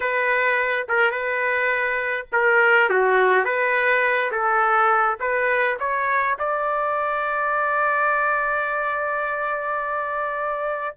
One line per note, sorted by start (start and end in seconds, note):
0.00 0.87 B4
0.88 1.11 A#4
1.11 2.26 B4
2.32 2.89 A#4
2.89 3.44 F#4
3.44 4.31 B4
4.31 5.18 A4
5.19 5.77 B4
5.79 6.37 C#5
6.38 10.96 D5